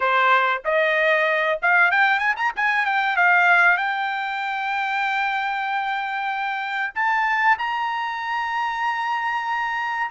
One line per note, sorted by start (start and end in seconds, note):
0.00 0.62 C5
0.65 1.59 D#5
1.61 1.91 F5
1.91 2.19 G5
2.19 2.35 G#5
2.36 2.52 A#5
2.56 2.85 G#5
2.85 3.16 G5
3.16 3.77 F5
3.77 6.93 G5
6.94 7.57 A5
7.58 10.10 A#5